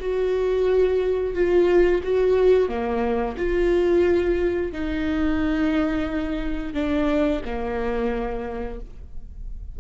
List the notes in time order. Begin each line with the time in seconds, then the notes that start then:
0.00 F#4
1.34 F4
2.04 F#4
2.69 A#3
3.38 F4
4.73 D#4
6.74 D4
7.45 A#3